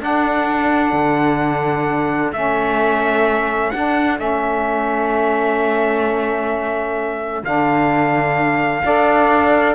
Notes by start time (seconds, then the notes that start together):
0.00 D4 A4 F#5
0.92 D3
2.32 A3 C#4 E5
3.71 D4 F#5
4.17 A3 C#4 E5
7.43 D3 D4 F5
8.84 D4 A4 D5